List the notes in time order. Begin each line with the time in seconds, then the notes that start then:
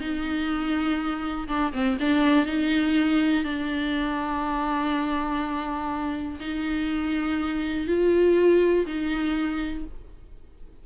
0.00 D#4
1.48 D4
1.73 C4
2.00 D4
2.46 D#4
3.44 D4
6.40 D#4
7.87 F4
8.86 D#4